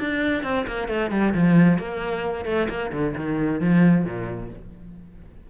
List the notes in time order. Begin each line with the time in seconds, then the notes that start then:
0.00 D4
0.44 C4
0.67 A#3
0.89 A3
1.11 G3
1.34 F3
1.79 A#3
2.46 A3
2.70 A#3
2.93 D3
3.17 D#3
3.61 F3
4.05 A#2